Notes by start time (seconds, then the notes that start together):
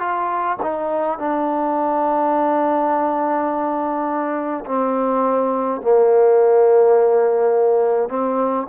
0.00 F4
0.63 D#4
1.19 D4
4.66 C4
5.82 A#3
8.09 C4